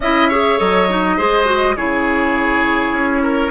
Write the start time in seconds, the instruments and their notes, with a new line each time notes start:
0.00 bassoon C#4, clarinet E4, oboe D#5, flute E5
0.28 clarinet G#4, oboe C#5
0.58 bassoon F#3, clarinet A4, flute D#5
0.89 clarinet D#4
1.17 bassoon G#3, clarinet G#4, oboe C5
1.45 clarinet F#4
1.76 bassoon C#3, clarinet E4, oboe G#4, flute C#5
2.91 bassoon C#4
3.22 oboe A#4